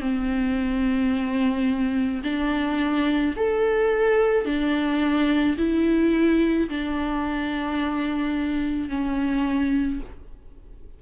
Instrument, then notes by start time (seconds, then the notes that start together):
viola
0.00 C4
2.24 D4
3.36 A4
4.45 D4
5.58 E4
6.69 D4
8.89 C#4